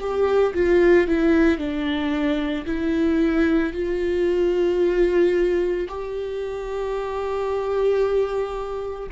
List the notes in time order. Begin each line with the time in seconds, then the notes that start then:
0.00 G4
0.54 F4
1.08 E4
1.58 D4
2.66 E4
3.73 F4
5.88 G4